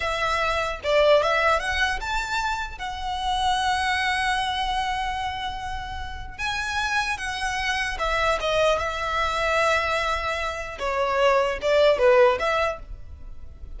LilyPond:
\new Staff \with { instrumentName = "violin" } { \time 4/4 \tempo 4 = 150 e''2 d''4 e''4 | fis''4 a''2 fis''4~ | fis''1~ | fis''1 |
gis''2 fis''2 | e''4 dis''4 e''2~ | e''2. cis''4~ | cis''4 d''4 b'4 e''4 | }